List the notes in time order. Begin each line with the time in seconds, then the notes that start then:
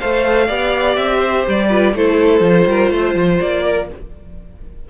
0.00 A3 A4 C5 F5
0.47 B3 G4 D5
0.96 C4 E5
1.17 C5
1.47 G3 D5
1.69 F4 B4
1.93 A3 E4 A4 C5
2.40 F3 F4
2.66 G3 A#4
2.90 A3 C5
3.15 F3
3.40 A#3 D5
3.64 A#4